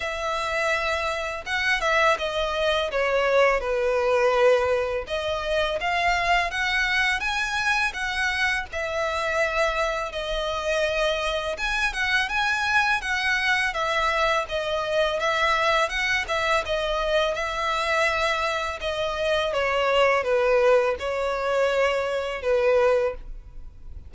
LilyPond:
\new Staff \with { instrumentName = "violin" } { \time 4/4 \tempo 4 = 83 e''2 fis''8 e''8 dis''4 | cis''4 b'2 dis''4 | f''4 fis''4 gis''4 fis''4 | e''2 dis''2 |
gis''8 fis''8 gis''4 fis''4 e''4 | dis''4 e''4 fis''8 e''8 dis''4 | e''2 dis''4 cis''4 | b'4 cis''2 b'4 | }